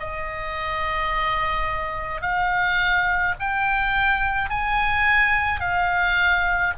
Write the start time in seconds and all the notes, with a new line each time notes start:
0.00 D#5
2.21 F5
3.40 G5
4.50 G#5
5.60 F5